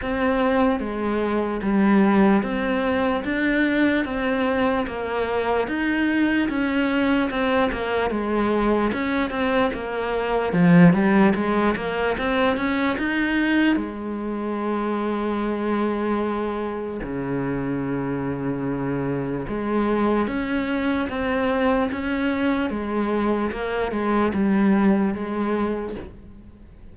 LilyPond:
\new Staff \with { instrumentName = "cello" } { \time 4/4 \tempo 4 = 74 c'4 gis4 g4 c'4 | d'4 c'4 ais4 dis'4 | cis'4 c'8 ais8 gis4 cis'8 c'8 | ais4 f8 g8 gis8 ais8 c'8 cis'8 |
dis'4 gis2.~ | gis4 cis2. | gis4 cis'4 c'4 cis'4 | gis4 ais8 gis8 g4 gis4 | }